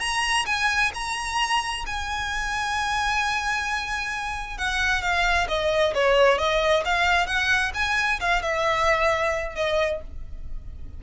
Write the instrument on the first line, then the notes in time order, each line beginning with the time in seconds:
violin
0.00 A#5
0.46 G#5
0.94 A#5
1.87 G#5
4.58 F#5
5.02 F5
5.49 D#5
5.94 C#5
6.38 D#5
6.85 F5
7.27 F#5
7.75 G#5
8.20 F5
8.43 E5
9.56 D#5